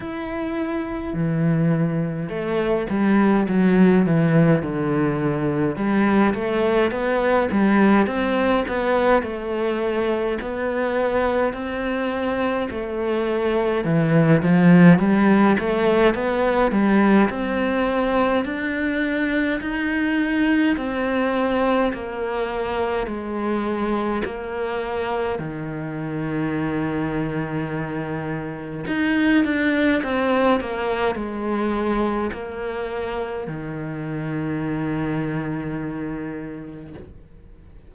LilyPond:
\new Staff \with { instrumentName = "cello" } { \time 4/4 \tempo 4 = 52 e'4 e4 a8 g8 fis8 e8 | d4 g8 a8 b8 g8 c'8 b8 | a4 b4 c'4 a4 | e8 f8 g8 a8 b8 g8 c'4 |
d'4 dis'4 c'4 ais4 | gis4 ais4 dis2~ | dis4 dis'8 d'8 c'8 ais8 gis4 | ais4 dis2. | }